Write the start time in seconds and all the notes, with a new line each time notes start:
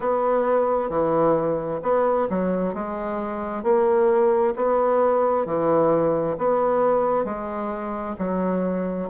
0.00 B3
0.89 E3
1.82 B3
2.29 F#3
2.74 G#3
3.63 A#3
4.56 B3
5.45 E3
6.38 B3
7.24 G#3
8.18 F#3